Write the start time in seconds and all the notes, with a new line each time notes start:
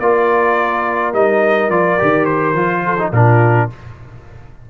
0.00 A#3 F4 A#4 D5
1.13 G3 D#4 D#5
1.69 F3 F4 D5
1.99 D#3 G4
2.25 C5
2.54 F3 F4
2.85 A4
2.98 D#4
3.12 A#2 D4 F4 A#4